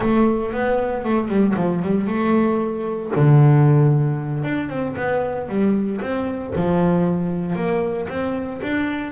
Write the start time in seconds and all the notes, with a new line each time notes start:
0.00 A3
0.52 B3
1.04 A3
1.28 G3
1.56 F3
1.82 G3
2.07 A3
3.15 D3
4.43 D4
4.69 C4
4.96 B3
5.48 G3
6.01 C4
6.55 F3
7.55 A#3
8.08 C4
8.62 D4